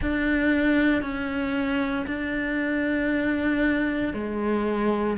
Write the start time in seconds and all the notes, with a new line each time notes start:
0.01 D4
1.02 C#4
2.06 D4
4.13 G#3